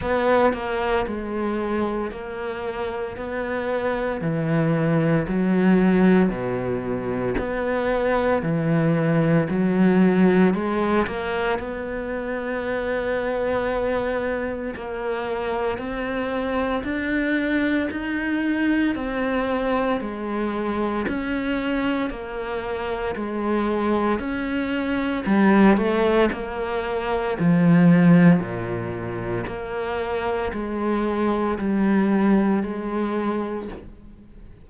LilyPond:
\new Staff \with { instrumentName = "cello" } { \time 4/4 \tempo 4 = 57 b8 ais8 gis4 ais4 b4 | e4 fis4 b,4 b4 | e4 fis4 gis8 ais8 b4~ | b2 ais4 c'4 |
d'4 dis'4 c'4 gis4 | cis'4 ais4 gis4 cis'4 | g8 a8 ais4 f4 ais,4 | ais4 gis4 g4 gis4 | }